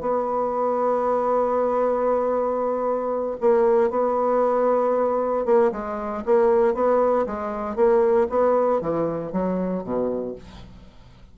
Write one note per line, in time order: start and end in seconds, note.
0.00 3.36 B3
3.40 3.90 A#3
3.90 5.45 B3
5.45 5.71 A#3
5.72 6.23 G#3
6.25 6.74 A#3
6.74 7.25 B3
7.26 7.75 G#3
7.75 8.27 A#3
8.29 8.80 B3
8.80 9.32 E3
9.32 9.83 F#3
9.83 10.35 B2